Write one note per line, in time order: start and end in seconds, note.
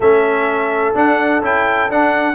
0.00 0.93 A3
0.00 0.94 C#4
0.00 2.35 A4
0.00 0.95 E5
0.94 1.41 D4
0.94 1.42 D4
0.94 1.44 F#5
1.42 1.89 C#4
1.42 1.89 E4
1.42 1.90 G5
1.89 2.35 D4
1.89 2.35 F#5